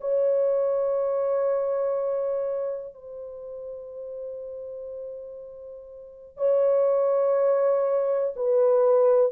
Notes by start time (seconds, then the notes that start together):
0.00 C#5
2.93 C5
6.37 C#5
8.36 B4